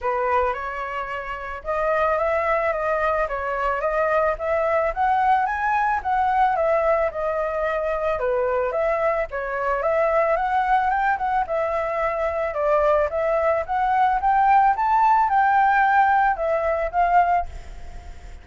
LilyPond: \new Staff \with { instrumentName = "flute" } { \time 4/4 \tempo 4 = 110 b'4 cis''2 dis''4 | e''4 dis''4 cis''4 dis''4 | e''4 fis''4 gis''4 fis''4 | e''4 dis''2 b'4 |
e''4 cis''4 e''4 fis''4 | g''8 fis''8 e''2 d''4 | e''4 fis''4 g''4 a''4 | g''2 e''4 f''4 | }